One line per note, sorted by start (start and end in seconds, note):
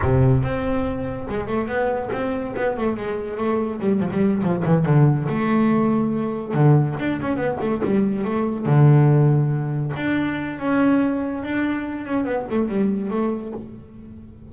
0.02 0.43 C3
0.43 1.27 C4
1.28 1.46 G#3
1.46 1.67 A3
1.67 2.09 B3
2.12 2.54 C4
2.56 2.77 B3
2.77 2.97 A3
2.97 3.37 G#3
3.37 3.79 A3
3.79 3.99 G3
3.99 4.10 F3
4.10 4.42 G3
4.42 4.63 F3
4.64 4.85 E3
4.85 5.27 D3
5.28 6.54 A3
6.54 6.96 D3
6.99 7.20 D4
7.21 7.36 C#4
7.36 7.57 B3
7.61 7.82 A3
7.84 8.24 G3
8.24 8.65 A3
8.65 9.92 D3
9.95 10.58 D4
10.58 11.43 C#4
11.43 12.06 D4
12.06 12.24 C#4
12.24 12.46 B3
12.50 12.68 A3
12.68 13.10 G3
13.10 13.52 A3